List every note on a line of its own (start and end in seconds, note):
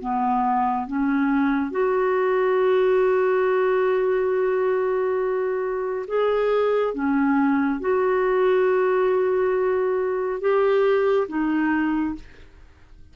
0.00 0.87 B3
0.87 1.71 C#4
1.71 6.06 F#4
6.08 6.94 G#4
6.94 7.81 C#4
7.81 10.41 F#4
10.41 11.28 G4
11.28 12.15 D#4